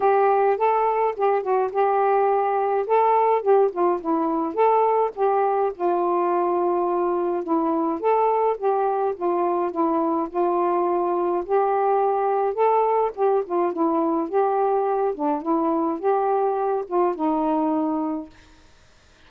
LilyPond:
\new Staff \with { instrumentName = "saxophone" } { \time 4/4 \tempo 4 = 105 g'4 a'4 g'8 fis'8 g'4~ | g'4 a'4 g'8 f'8 e'4 | a'4 g'4 f'2~ | f'4 e'4 a'4 g'4 |
f'4 e'4 f'2 | g'2 a'4 g'8 f'8 | e'4 g'4. d'8 e'4 | g'4. f'8 dis'2 | }